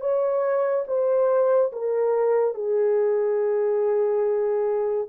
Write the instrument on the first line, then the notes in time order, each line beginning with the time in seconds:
horn
0.00 C#5
0.87 C5
1.72 A#4
2.54 G#4